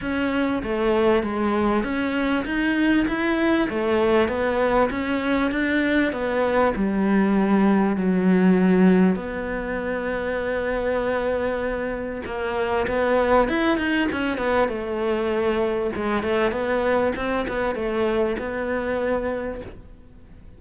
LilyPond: \new Staff \with { instrumentName = "cello" } { \time 4/4 \tempo 4 = 98 cis'4 a4 gis4 cis'4 | dis'4 e'4 a4 b4 | cis'4 d'4 b4 g4~ | g4 fis2 b4~ |
b1 | ais4 b4 e'8 dis'8 cis'8 b8 | a2 gis8 a8 b4 | c'8 b8 a4 b2 | }